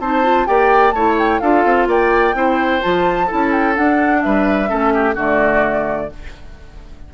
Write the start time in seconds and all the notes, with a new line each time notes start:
0.00 C4 D#4 C5 A5
0.23 F4
0.46 A#3 G4 D5 G5
0.91 A3 E4 C#5 A5
1.18 G5
1.40 D4 F4 A4 F5
1.65 C4
1.87 A#3 D5 G5
2.34 C4 E4 C5
2.81 F3 F4 A5
3.27 C#4 E4 A4
3.52 G5
3.75 D4 F#5
4.22 G3 B4 E5
4.68 A3 C#4 A4
4.94 G4
5.14 D3 A3 F#4 D5